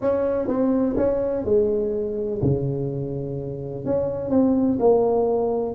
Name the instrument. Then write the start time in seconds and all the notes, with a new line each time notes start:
tuba
0.01 C#4
0.47 C4
0.97 C#4
1.44 G#3
2.41 C#3
3.85 C#4
4.30 C4
4.79 A#3